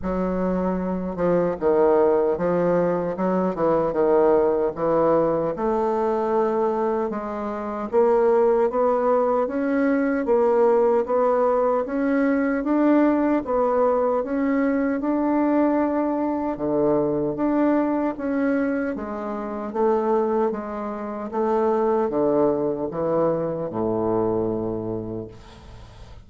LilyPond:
\new Staff \with { instrumentName = "bassoon" } { \time 4/4 \tempo 4 = 76 fis4. f8 dis4 f4 | fis8 e8 dis4 e4 a4~ | a4 gis4 ais4 b4 | cis'4 ais4 b4 cis'4 |
d'4 b4 cis'4 d'4~ | d'4 d4 d'4 cis'4 | gis4 a4 gis4 a4 | d4 e4 a,2 | }